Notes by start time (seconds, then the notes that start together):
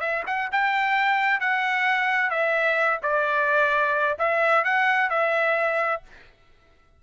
0.00 E5
0.26 F#5
0.51 G5
1.40 F#5
2.30 E5
3.02 D5
4.19 E5
4.64 F#5
5.10 E5